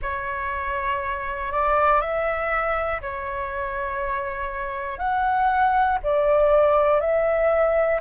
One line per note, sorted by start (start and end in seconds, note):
0.02 1.52 C#5
1.52 2.00 D5
2.00 3.00 E5
3.00 4.98 C#5
4.98 5.98 F#5
6.03 7.00 D5
7.00 8.00 E5